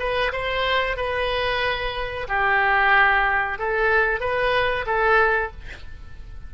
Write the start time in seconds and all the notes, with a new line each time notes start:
0.00 B4
0.33 C5
0.97 B4
2.29 G4
3.59 A4
4.21 B4
4.87 A4